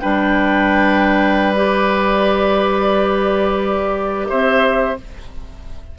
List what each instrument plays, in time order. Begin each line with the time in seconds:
0.00 bassoon G3, clarinet D4, oboe B4, flute G5
1.55 clarinet G4, flute D5
4.29 bassoon C4, oboe C5, flute E5